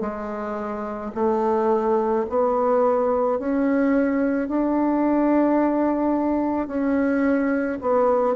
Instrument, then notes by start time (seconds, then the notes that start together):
bassoon
0.00 G#3
1.14 A3
2.29 B3
3.38 C#4
4.47 D4
6.67 C#4
7.81 B3